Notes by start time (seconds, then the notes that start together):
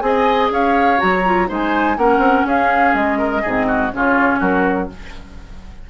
0.00 C4 G#4 D#5 G#5
0.51 C#4 C#5 F5
0.98 F#3 F#4 A#5
1.25 F4
1.47 G#3 D#4 C5
1.53 G#5
1.97 A#3 C#4 A#4 F#5
2.18 C4
2.45 C#4 G#4 F5
2.94 G#3 D#5
3.18 A#4
3.42 G#2 C4 G#4
3.67 F#4
3.91 C#3 C#4 F4 C#5
4.39 F#3 F#4 A#4